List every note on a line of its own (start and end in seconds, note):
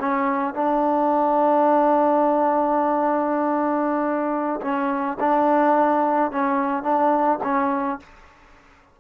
0.00 0.55 C#4
0.55 4.61 D4
4.62 5.18 C#4
5.20 6.31 D4
6.31 6.83 C#4
6.83 7.39 D4
7.44 8.00 C#4